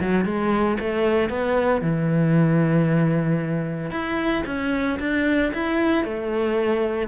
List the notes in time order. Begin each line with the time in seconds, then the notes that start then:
0.00 F#3
0.25 G#3
0.79 A3
1.29 B3
1.81 E3
3.90 E4
4.46 C#4
4.99 D4
5.53 E4
6.04 A3